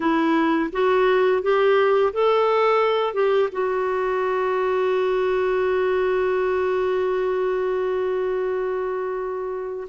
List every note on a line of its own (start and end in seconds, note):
0.00 0.70 E4
0.72 1.42 F#4
1.42 2.12 G4
2.13 3.13 A4
3.13 3.49 G4
3.52 9.87 F#4